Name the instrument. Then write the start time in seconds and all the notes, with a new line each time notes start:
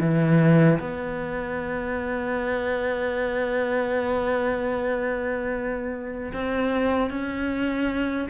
cello
0.00 E3
0.80 B3
6.33 C4
7.11 C#4